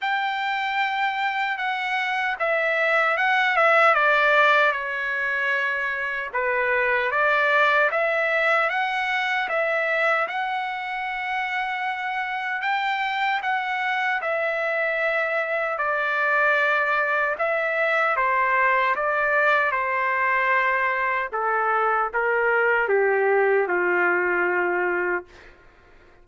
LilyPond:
\new Staff \with { instrumentName = "trumpet" } { \time 4/4 \tempo 4 = 76 g''2 fis''4 e''4 | fis''8 e''8 d''4 cis''2 | b'4 d''4 e''4 fis''4 | e''4 fis''2. |
g''4 fis''4 e''2 | d''2 e''4 c''4 | d''4 c''2 a'4 | ais'4 g'4 f'2 | }